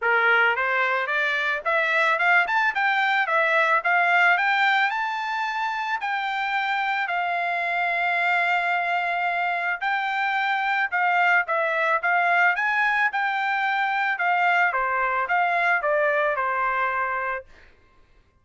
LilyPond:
\new Staff \with { instrumentName = "trumpet" } { \time 4/4 \tempo 4 = 110 ais'4 c''4 d''4 e''4 | f''8 a''8 g''4 e''4 f''4 | g''4 a''2 g''4~ | g''4 f''2.~ |
f''2 g''2 | f''4 e''4 f''4 gis''4 | g''2 f''4 c''4 | f''4 d''4 c''2 | }